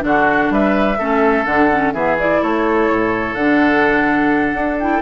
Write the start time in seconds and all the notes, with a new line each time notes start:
0.00 D3 D4 F#4 F#5
0.50 G3 B4 E5
0.98 A3 C#4 A4
1.45 D3 D4 F#5
1.71 C#4
1.93 E3 B3 G#4 E5
2.19 E4 D5
2.42 A3 A4 C#5
2.90 A2
3.34 D3 D4 F#5
4.53 D4
4.79 E4 G5